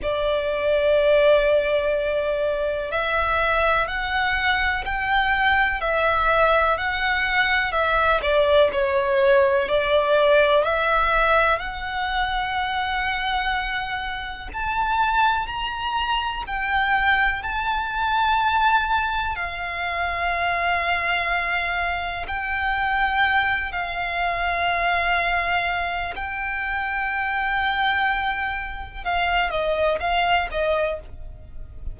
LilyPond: \new Staff \with { instrumentName = "violin" } { \time 4/4 \tempo 4 = 62 d''2. e''4 | fis''4 g''4 e''4 fis''4 | e''8 d''8 cis''4 d''4 e''4 | fis''2. a''4 |
ais''4 g''4 a''2 | f''2. g''4~ | g''8 f''2~ f''8 g''4~ | g''2 f''8 dis''8 f''8 dis''8 | }